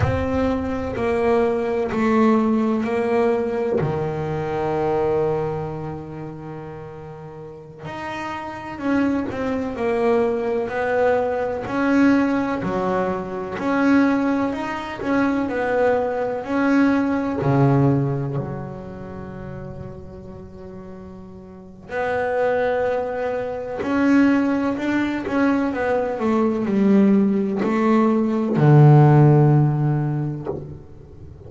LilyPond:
\new Staff \with { instrumentName = "double bass" } { \time 4/4 \tempo 4 = 63 c'4 ais4 a4 ais4 | dis1~ | dis16 dis'4 cis'8 c'8 ais4 b8.~ | b16 cis'4 fis4 cis'4 dis'8 cis'16~ |
cis'16 b4 cis'4 cis4 fis8.~ | fis2. b4~ | b4 cis'4 d'8 cis'8 b8 a8 | g4 a4 d2 | }